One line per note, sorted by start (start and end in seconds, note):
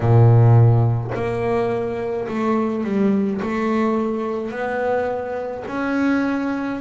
0.00 1.11 A#2
1.14 2.27 A#3
2.27 2.84 A3
2.84 3.40 G3
3.41 4.50 A3
4.50 5.63 B3
5.67 6.80 C#4